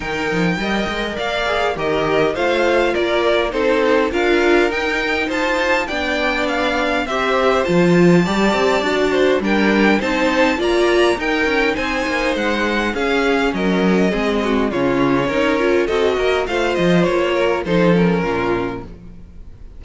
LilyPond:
<<
  \new Staff \with { instrumentName = "violin" } { \time 4/4 \tempo 4 = 102 g''2 f''4 dis''4 | f''4 d''4 c''4 f''4 | g''4 a''4 g''4 f''4 | e''4 a''2. |
g''4 a''4 ais''4 g''4 | gis''4 fis''4 f''4 dis''4~ | dis''4 cis''2 dis''4 | f''8 dis''8 cis''4 c''8 ais'4. | }
  \new Staff \with { instrumentName = "violin" } { \time 4/4 ais'4 dis''4 d''4 ais'4 | c''4 ais'4 a'4 ais'4~ | ais'4 c''4 d''2 | c''2 d''4. c''8 |
ais'4 c''4 d''4 ais'4 | c''2 gis'4 ais'4 | gis'8 fis'8 f'4 ais'4 a'8 ais'8 | c''4. ais'8 a'4 f'4 | }
  \new Staff \with { instrumentName = "viola" } { \time 4/4 dis'4 ais'4. gis'8 g'4 | f'2 dis'4 f'4 | dis'2 d'2 | g'4 f'4 g'4 fis'4 |
d'4 dis'4 f'4 dis'4~ | dis'2 cis'2 | c'4 cis'4 dis'8 f'8 fis'4 | f'2 dis'8 cis'4. | }
  \new Staff \with { instrumentName = "cello" } { \time 4/4 dis8 f8 g8 gis8 ais4 dis4 | a4 ais4 c'4 d'4 | dis'4 f'4 b2 | c'4 f4 g8 c'8 d'4 |
g4 c'4 ais4 dis'8 cis'8 | c'8 ais8 gis4 cis'4 fis4 | gis4 cis4 cis'4 c'8 ais8 | a8 f8 ais4 f4 ais,4 | }
>>